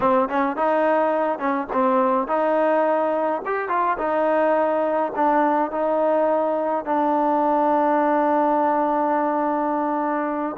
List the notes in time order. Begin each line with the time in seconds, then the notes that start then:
0.00 C4
0.28 C#4
0.56 D#4
1.38 C#4
1.72 C4
2.27 D#4
3.45 G4
3.68 F4
3.98 D#4
5.15 D4
5.71 D#4
6.85 D4